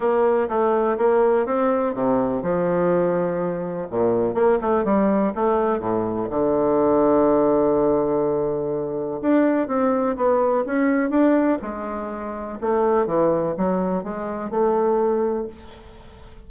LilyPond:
\new Staff \with { instrumentName = "bassoon" } { \time 4/4 \tempo 4 = 124 ais4 a4 ais4 c'4 | c4 f2. | ais,4 ais8 a8 g4 a4 | a,4 d2.~ |
d2. d'4 | c'4 b4 cis'4 d'4 | gis2 a4 e4 | fis4 gis4 a2 | }